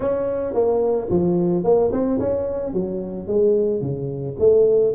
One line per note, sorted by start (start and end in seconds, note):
0.00 0.53 C#4
0.53 1.08 A#3
1.09 1.64 F3
1.64 1.91 A#3
1.92 2.19 C4
2.19 2.73 C#4
2.73 3.27 F#3
3.27 3.81 G#3
3.81 4.35 C#3
4.39 4.94 A3